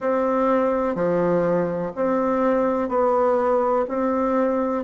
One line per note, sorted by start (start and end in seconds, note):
0.00 0.95 C4
0.95 1.92 F3
1.95 2.89 C4
2.89 3.85 B3
3.88 4.83 C4